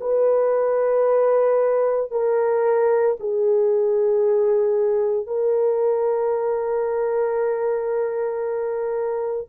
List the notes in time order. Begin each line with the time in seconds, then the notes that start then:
0.00 B4
2.11 A#4
3.20 G#4
5.26 A#4